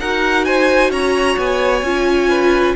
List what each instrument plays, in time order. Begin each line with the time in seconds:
0.00 cello D#4, viola F#4, violin A#4 F#5
0.45 violin C5 G#5
0.91 cello C#4, violin C#5 A#5
1.38 cello B3, violin G#5
1.83 cello C#4, viola F4
2.29 violin B4